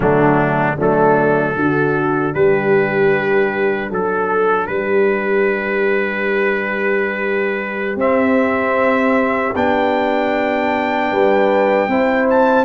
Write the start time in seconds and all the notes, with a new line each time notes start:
0.00 D3 F#3 A3 D4
0.75 F#3 A3 D4 A4
1.55 D3 D4 F#4
2.34 G3 G4 B4
3.89 F#3 A4
4.66 G3 G4 B4
7.95 C4 E5
9.55 B3 D4 G5
11.11 G3 B4
11.87 C4 E4 C5
12.29 A5